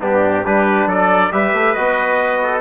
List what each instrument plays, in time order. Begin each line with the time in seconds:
0.00 bassoon G2, trombone B3, trumpet D4 G4
0.45 bassoon G3, trombone D4, trumpet G4 B4
0.86 bassoon F#3, trumpet A4 D5
1.31 bassoon G3, trombone G4, trumpet B4 E5
1.53 bassoon A3
1.74 bassoon B3, trombone F#4, trumpet D#5
2.43 trumpet A4